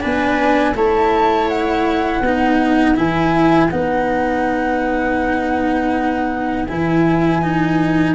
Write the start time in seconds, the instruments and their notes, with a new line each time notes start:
0.00 tuba B3, cello D4, viola B4, flute G#5
0.74 tuba A3, cello E4, viola C#5, flute A5
1.48 flute F#5
2.20 tuba B3, cello D#4, viola B4
2.95 tuba E3, cello E4, flute G#5
3.70 tuba B3, cello D#4, flute F#5
6.66 tuba E3, cello E4, flute G#5
7.42 cello D#4